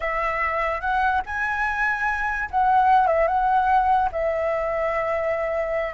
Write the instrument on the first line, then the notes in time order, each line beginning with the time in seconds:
flute
0.00 E5
0.80 F#5
1.26 G#5
2.50 F#5
3.07 E5
3.27 F#5
4.12 E5